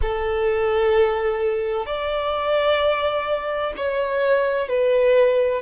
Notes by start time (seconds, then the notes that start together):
0.01 A4
1.86 D5
3.76 C#5
4.68 B4